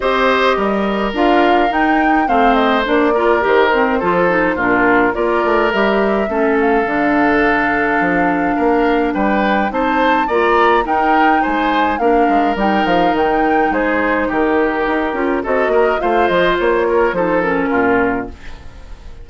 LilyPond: <<
  \new Staff \with { instrumentName = "flute" } { \time 4/4 \tempo 4 = 105 dis''2 f''4 g''4 | f''8 dis''8 d''4 c''2 | ais'4 d''4 e''4. f''8~ | f''1 |
g''4 a''4 ais''4 g''4 | gis''4 f''4 g''8 f''8 g''4 | c''4 ais'2 dis''4 | f''8 dis''8 cis''4 c''8 ais'4. | }
  \new Staff \with { instrumentName = "oboe" } { \time 4/4 c''4 ais'2. | c''4. ais'4. a'4 | f'4 ais'2 a'4~ | a'2. ais'4 |
b'4 c''4 d''4 ais'4 | c''4 ais'2. | gis'4 g'2 a'8 ais'8 | c''4. ais'8 a'4 f'4 | }
  \new Staff \with { instrumentName = "clarinet" } { \time 4/4 g'2 f'4 dis'4 | c'4 d'8 f'8 g'8 c'8 f'8 dis'8 | d'4 f'4 g'4 cis'4 | d'1~ |
d'4 dis'4 f'4 dis'4~ | dis'4 d'4 dis'2~ | dis'2~ dis'8 f'8 fis'4 | f'2 dis'8 cis'4. | }
  \new Staff \with { instrumentName = "bassoon" } { \time 4/4 c'4 g4 d'4 dis'4 | a4 ais4 dis4 f4 | ais,4 ais8 a8 g4 a4 | d2 f4 ais4 |
g4 c'4 ais4 dis'4 | gis4 ais8 gis8 g8 f8 dis4 | gis4 dis4 dis'8 cis'8 c'8 ais8 | a8 f8 ais4 f4 ais,4 | }
>>